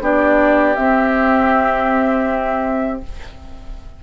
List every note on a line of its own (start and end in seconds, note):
0.00 0.75 B3
0.00 0.75 D4
0.00 3.03 G4
0.00 0.75 D5
0.75 3.03 C4
0.75 3.00 E5